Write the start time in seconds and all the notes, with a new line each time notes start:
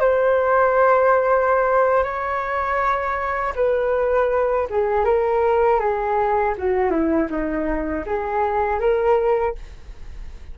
0.00 C5
2.03 C#5
3.55 B4
4.69 G#4
5.05 A#4
5.80 G#4
6.58 F#4
6.90 E4
7.30 D#4
8.06 G#4
8.80 A#4